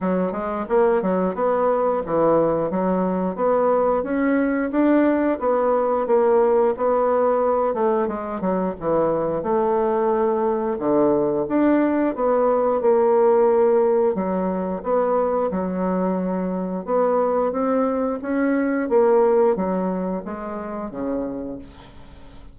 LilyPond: \new Staff \with { instrumentName = "bassoon" } { \time 4/4 \tempo 4 = 89 fis8 gis8 ais8 fis8 b4 e4 | fis4 b4 cis'4 d'4 | b4 ais4 b4. a8 | gis8 fis8 e4 a2 |
d4 d'4 b4 ais4~ | ais4 fis4 b4 fis4~ | fis4 b4 c'4 cis'4 | ais4 fis4 gis4 cis4 | }